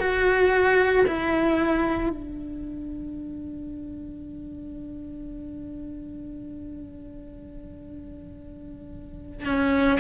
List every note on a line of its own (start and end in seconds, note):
0.00 1.05 F#4
1.07 2.10 E4
2.10 9.46 D4
9.46 9.99 C#4